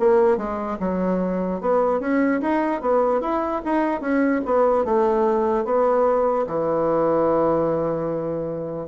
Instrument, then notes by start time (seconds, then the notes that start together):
bassoon
0.00 A#3
0.37 G#3
0.80 F#3
1.61 B3
2.00 C#4
2.41 D#4
2.82 B3
3.21 E4
3.65 D#4
4.01 C#4
4.45 B3
4.85 A3
5.65 B3
6.47 E3